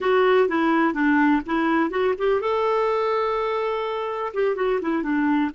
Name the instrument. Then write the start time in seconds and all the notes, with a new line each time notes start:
clarinet
0.00 F#4
0.48 E4
0.93 D4
1.45 E4
1.90 F#4
2.18 G4
2.40 A4
4.34 G4
4.55 F#4
4.81 E4
5.02 D4